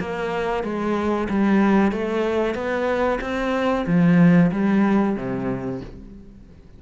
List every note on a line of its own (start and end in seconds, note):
0.00 0.64 A#3
0.64 1.28 G#3
1.30 1.92 G3
1.92 2.55 A3
2.55 3.20 B3
3.21 3.86 C4
3.87 4.51 F3
4.52 5.17 G3
5.17 5.81 C3